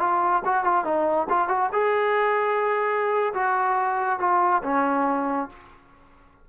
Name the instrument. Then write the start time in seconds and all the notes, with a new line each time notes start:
trombone
0.00 F4
0.45 F#4
0.65 F4
0.85 D#4
1.30 F4
1.49 F#4
1.73 G#4
3.34 F#4
4.20 F4
4.64 C#4